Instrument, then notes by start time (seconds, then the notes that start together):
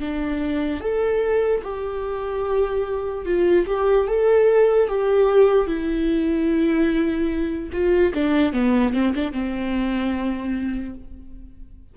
viola
0.00 D4
0.81 A4
1.64 G4
3.26 F4
3.67 G4
4.08 A4
4.89 G4
5.68 E4
7.73 F4
8.14 D4
8.53 B3
8.94 C4
9.15 D4
9.33 C4